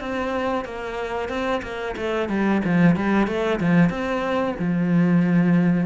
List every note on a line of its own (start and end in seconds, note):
0.00 0.64 C4
0.64 1.29 A#3
1.29 1.61 C4
1.62 1.95 A#3
1.96 2.29 A3
2.29 2.61 G3
2.64 2.96 F3
2.96 3.27 G3
3.27 3.59 A3
3.60 3.89 F3
3.89 4.54 C4
4.59 5.86 F3